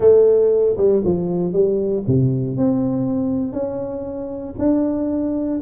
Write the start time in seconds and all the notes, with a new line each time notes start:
0.00 A3
0.77 G3
1.04 F3
1.53 G3
2.07 C3
2.57 C4
3.52 C#4
4.58 D4